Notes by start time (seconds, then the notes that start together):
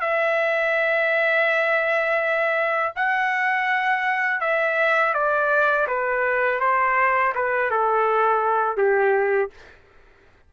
0.00 E5
2.95 F#5
4.40 E5
5.14 D5
5.87 B4
6.60 C5
7.35 B4
7.70 A4
8.77 G4